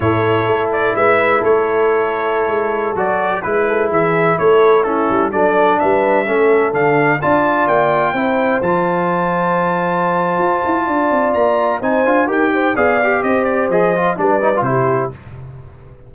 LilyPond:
<<
  \new Staff \with { instrumentName = "trumpet" } { \time 4/4 \tempo 4 = 127 cis''4. d''8 e''4 cis''4~ | cis''2~ cis''16 d''4 b'8.~ | b'16 e''4 cis''4 a'4 d''8.~ | d''16 e''2 f''4 a''8.~ |
a''16 g''2 a''4.~ a''16~ | a''1 | ais''4 gis''4 g''4 f''4 | dis''8 d''8 dis''4 d''4 c''4 | }
  \new Staff \with { instrumentName = "horn" } { \time 4/4 a'2 b'4 a'4~ | a'2.~ a'16 b'8 a'16~ | a'16 gis'4 a'4 e'4 a'8.~ | a'16 b'4 a'2 d''8.~ |
d''4~ d''16 c''2~ c''8.~ | c''2. d''4~ | d''4 c''4 ais'8 c''8 d''4 | c''2 b'4 g'4 | }
  \new Staff \with { instrumentName = "trombone" } { \time 4/4 e'1~ | e'2~ e'16 fis'4 e'8.~ | e'2~ e'16 cis'4 d'8.~ | d'4~ d'16 cis'4 d'4 f'8.~ |
f'4~ f'16 e'4 f'4.~ f'16~ | f'1~ | f'4 dis'8 f'8 g'4 gis'8 g'8~ | g'4 gis'8 f'8 d'8 dis'16 f'16 e'4 | }
  \new Staff \with { instrumentName = "tuba" } { \time 4/4 a,4 a4 gis4 a4~ | a4~ a16 gis4 fis4 gis8.~ | gis16 e4 a4. g8 fis8.~ | fis16 g4 a4 d4 d'8.~ |
d'16 ais4 c'4 f4.~ f16~ | f2 f'8 e'8 d'8 c'8 | ais4 c'8 d'8 dis'4 b4 | c'4 f4 g4 c4 | }
>>